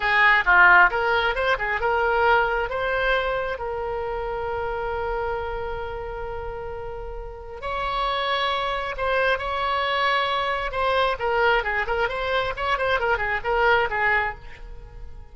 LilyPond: \new Staff \with { instrumentName = "oboe" } { \time 4/4 \tempo 4 = 134 gis'4 f'4 ais'4 c''8 gis'8 | ais'2 c''2 | ais'1~ | ais'1~ |
ais'4 cis''2. | c''4 cis''2. | c''4 ais'4 gis'8 ais'8 c''4 | cis''8 c''8 ais'8 gis'8 ais'4 gis'4 | }